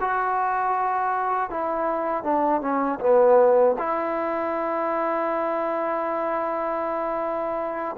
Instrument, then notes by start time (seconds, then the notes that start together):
trombone
0.00 F#4
1.49 E4
2.23 D4
2.61 C#4
2.99 B3
3.78 E4